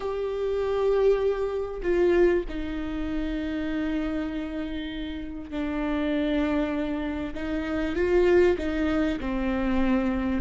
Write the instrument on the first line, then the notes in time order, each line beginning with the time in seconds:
viola
0.00 G4
1.82 F4
2.48 D#4
5.50 D4
7.34 D#4
7.95 F4
8.58 D#4
9.20 C4